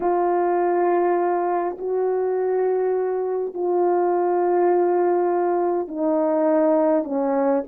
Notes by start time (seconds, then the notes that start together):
0.00 F4
1.78 F#4
3.53 F4
5.87 D#4
7.04 C#4